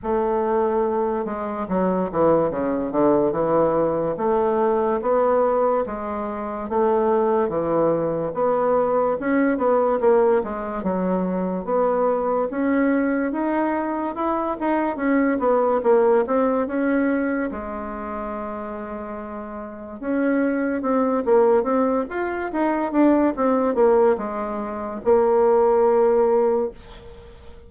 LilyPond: \new Staff \with { instrumentName = "bassoon" } { \time 4/4 \tempo 4 = 72 a4. gis8 fis8 e8 cis8 d8 | e4 a4 b4 gis4 | a4 e4 b4 cis'8 b8 | ais8 gis8 fis4 b4 cis'4 |
dis'4 e'8 dis'8 cis'8 b8 ais8 c'8 | cis'4 gis2. | cis'4 c'8 ais8 c'8 f'8 dis'8 d'8 | c'8 ais8 gis4 ais2 | }